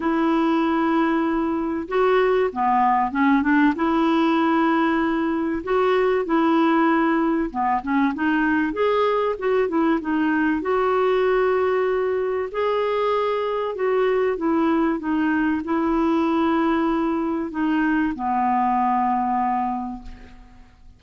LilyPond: \new Staff \with { instrumentName = "clarinet" } { \time 4/4 \tempo 4 = 96 e'2. fis'4 | b4 cis'8 d'8 e'2~ | e'4 fis'4 e'2 | b8 cis'8 dis'4 gis'4 fis'8 e'8 |
dis'4 fis'2. | gis'2 fis'4 e'4 | dis'4 e'2. | dis'4 b2. | }